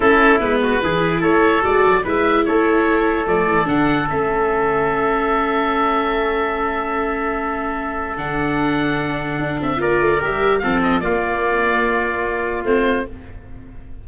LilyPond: <<
  \new Staff \with { instrumentName = "oboe" } { \time 4/4 \tempo 4 = 147 a'4 b'2 cis''4 | d''4 e''4 cis''2 | d''4 fis''4 e''2~ | e''1~ |
e''1 | fis''2.~ fis''8 e''8 | d''4 e''4 f''8 dis''8 d''4~ | d''2. c''4 | }
  \new Staff \with { instrumentName = "trumpet" } { \time 4/4 e'4. fis'8 gis'4 a'4~ | a'4 b'4 a'2~ | a'1~ | a'1~ |
a'1~ | a'1 | ais'2 a'4 f'4~ | f'1 | }
  \new Staff \with { instrumentName = "viola" } { \time 4/4 cis'4 b4 e'2 | fis'4 e'2. | a4 d'4 cis'2~ | cis'1~ |
cis'1 | d'1 | f'4 g'4 c'4 ais4~ | ais2. c'4 | }
  \new Staff \with { instrumentName = "tuba" } { \time 4/4 a4 gis4 e4 a4 | gis8 fis8 gis4 a2 | f8 e8 d4 a2~ | a1~ |
a1 | d2. d'8 c'8 | ais8 a8 g4 f4 ais4~ | ais2. a4 | }
>>